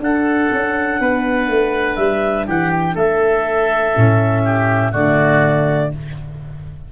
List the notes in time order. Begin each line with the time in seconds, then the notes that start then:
0.00 D4 A4 F#5
0.52 C#4
1.00 B3 B4
1.48 A3
1.96 G3 E5
2.47 E3 G4 F#5
2.70 G5
2.94 A3 A4 E5
3.92 A2 C#4
4.44 G4
4.92 D3 A3 F#4 D5